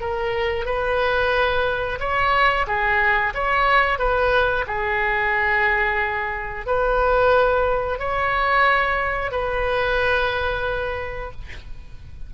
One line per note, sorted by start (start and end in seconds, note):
0.00 0.65 A#4
0.65 1.98 B4
1.99 2.66 C#5
2.67 3.33 G#4
3.34 3.98 C#5
3.98 4.65 B4
4.67 6.66 G#4
6.66 7.99 B4
7.99 9.31 C#5
9.31 11.31 B4